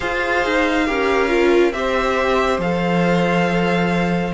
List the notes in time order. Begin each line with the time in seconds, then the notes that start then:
0.00 F4 G#4 C5 F5
0.45 D#4
0.86 C#4 G4 A#4
1.28 F4
1.72 C4 G4 C5 E5
2.58 F3 A4 F5